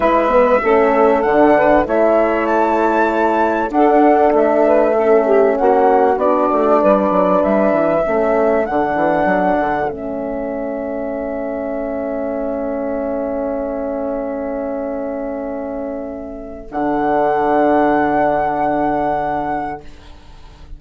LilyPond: <<
  \new Staff \with { instrumentName = "flute" } { \time 4/4 \tempo 4 = 97 e''2 fis''4 e''4 | a''2 fis''4 e''4~ | e''4 fis''4 d''2 | e''2 fis''2 |
e''1~ | e''1~ | e''2. fis''4~ | fis''1 | }
  \new Staff \with { instrumentName = "saxophone" } { \time 4/4 b'4 a'4. b'8 cis''4~ | cis''2 a'4. b'8 | a'8 g'8 fis'2 b'4~ | b'4 a'2.~ |
a'1~ | a'1~ | a'1~ | a'1 | }
  \new Staff \with { instrumentName = "horn" } { \time 4/4 e'8 b8 cis'4 d'4 e'4~ | e'2 d'2 | cis'2 d'2~ | d'4 cis'4 d'2 |
cis'1~ | cis'1~ | cis'2. d'4~ | d'1 | }
  \new Staff \with { instrumentName = "bassoon" } { \time 4/4 gis4 a4 d4 a4~ | a2 d'4 a4~ | a4 ais4 b8 a8 g8 fis8 | g8 e8 a4 d8 e8 fis8 d8 |
a1~ | a1~ | a2. d4~ | d1 | }
>>